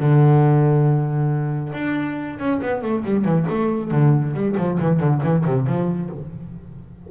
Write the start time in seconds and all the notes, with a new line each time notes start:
0.00 D3
1.74 D4
2.40 C#4
2.62 B3
2.83 A3
3.05 G3
3.25 E3
3.50 A3
3.91 D3
4.35 G3
4.58 F3
4.80 E3
5.00 D3
5.23 E3
5.46 C3
5.67 F3